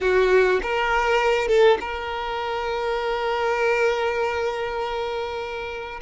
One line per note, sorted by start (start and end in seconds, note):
0.00 0.60 F#4
0.62 1.48 A#4
1.48 1.78 A4
1.80 6.00 A#4